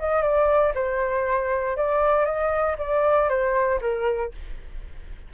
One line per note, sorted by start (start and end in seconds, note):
0.00 0.23 D#5
0.23 0.73 D5
0.75 1.77 C5
1.77 2.26 D5
2.26 2.77 D#5
2.79 3.30 D5
3.30 3.80 C5
3.81 4.32 A#4